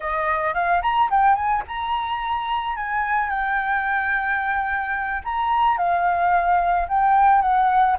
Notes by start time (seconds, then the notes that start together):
0.00 D#5
0.54 F5
0.82 A#5
1.10 G5
1.35 G#5
1.67 A#5
2.76 G#5
3.29 G5
5.24 A#5
5.77 F5
6.88 G5
7.41 F#5